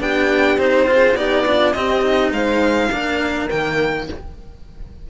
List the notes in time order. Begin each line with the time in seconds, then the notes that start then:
0.00 B3 D4 G4 G5
0.58 C4 D#4 C5
0.87 F4 G#4
1.14 B3 D#4 G4 D5
1.47 D4 F4
1.73 C4 G4 D#5
2.01 D#4
2.32 G#3 C5 F5
2.92 A#3 D4 A#4
3.50 D#3 A#3 G5